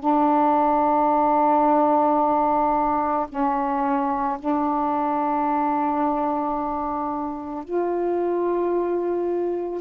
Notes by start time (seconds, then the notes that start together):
0.00 D4
3.29 C#4
4.40 D4
7.65 F4